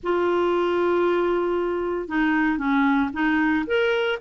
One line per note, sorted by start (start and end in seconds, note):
0.03 2.08 F4
2.08 2.58 D#4
2.58 3.10 C#4
3.13 3.65 D#4
3.66 4.19 A#4